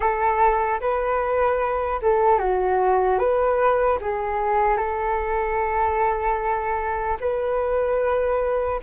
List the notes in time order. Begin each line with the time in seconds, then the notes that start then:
0.00 A4
0.80 B4
2.02 A4
2.39 F#4
3.18 B4
4.01 G#4
4.77 A4
7.20 B4